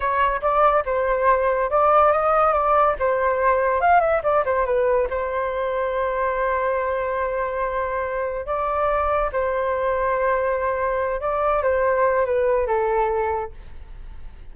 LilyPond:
\new Staff \with { instrumentName = "flute" } { \time 4/4 \tempo 4 = 142 cis''4 d''4 c''2 | d''4 dis''4 d''4 c''4~ | c''4 f''8 e''8 d''8 c''8 b'4 | c''1~ |
c''1 | d''2 c''2~ | c''2~ c''8 d''4 c''8~ | c''4 b'4 a'2 | }